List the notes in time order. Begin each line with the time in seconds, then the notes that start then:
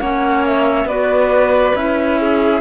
0.00 A#3 C#4 C#5 F#5
0.45 E5
0.85 B3 F#4 B4 D5
1.76 C#4 E4 E5
2.20 G#4